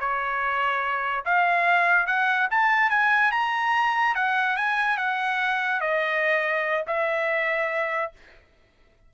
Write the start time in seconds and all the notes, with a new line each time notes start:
0.00 C#5
1.25 F5
2.07 F#5
2.51 A5
2.90 G#5
3.32 A#5
4.15 F#5
4.57 G#5
4.98 F#5
5.81 D#5
6.87 E5